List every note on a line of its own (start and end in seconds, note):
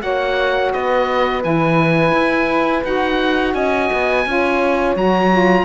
0.00 0.74 A#3
0.00 1.41 F#4
0.00 0.74 C#5
0.00 0.72 F#5
0.73 1.44 B3
0.73 3.55 B4
0.73 1.44 D#5
1.42 2.12 E3
1.42 2.83 E4
1.42 2.85 G#5
2.12 2.83 E4
2.84 3.54 D#4
2.84 4.25 F#4
2.84 3.54 F#5
3.54 3.90 C#4
3.54 4.25 D#5
3.54 4.95 G#5
3.93 4.26 B3
4.26 4.96 C#4
4.26 4.96 F4
4.26 5.65 C#5
4.96 5.65 F#3
4.96 5.31 F#4
4.96 5.65 A#5
5.31 5.65 F4